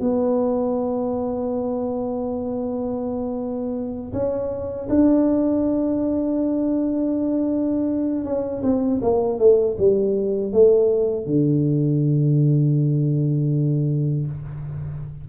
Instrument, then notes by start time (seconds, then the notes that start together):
tuba
0.00 B3
4.13 C#4
4.89 D4
8.25 C#4
8.63 C4
9.01 A#3
9.39 A3
9.78 G3
10.52 A3
11.26 D3